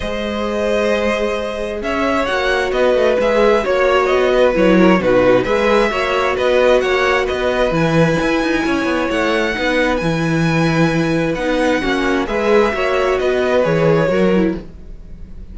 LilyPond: <<
  \new Staff \with { instrumentName = "violin" } { \time 4/4 \tempo 4 = 132 dis''1 | e''4 fis''4 dis''4 e''4 | cis''4 dis''4 cis''4 b'4 | e''2 dis''4 fis''4 |
dis''4 gis''2. | fis''2 gis''2~ | gis''4 fis''2 e''4~ | e''4 dis''4 cis''2 | }
  \new Staff \with { instrumentName = "violin" } { \time 4/4 c''1 | cis''2 b'2 | cis''4. b'4 ais'8 fis'4 | b'4 cis''4 b'4 cis''4 |
b'2. cis''4~ | cis''4 b'2.~ | b'2 fis'4 b'4 | cis''4 b'2 ais'4 | }
  \new Staff \with { instrumentName = "viola" } { \time 4/4 gis'1~ | gis'4 fis'2 gis'4 | fis'2 e'4 dis'4 | gis'4 fis'2.~ |
fis'4 e'2.~ | e'4 dis'4 e'2~ | e'4 dis'4 cis'4 gis'4 | fis'2 gis'4 fis'8 e'8 | }
  \new Staff \with { instrumentName = "cello" } { \time 4/4 gis1 | cis'4 ais4 b8 a8 gis4 | ais4 b4 fis4 b,4 | gis4 ais4 b4 ais4 |
b4 e4 e'8 dis'8 cis'8 b8 | a4 b4 e2~ | e4 b4 ais4 gis4 | ais4 b4 e4 fis4 | }
>>